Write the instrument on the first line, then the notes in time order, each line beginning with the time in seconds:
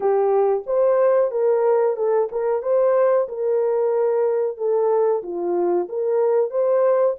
horn
0.00 G4
0.66 C5
1.31 A#4
1.96 A4
2.31 A#4
2.62 C5
3.28 A#4
4.57 A4
5.22 F4
5.89 A#4
6.50 C5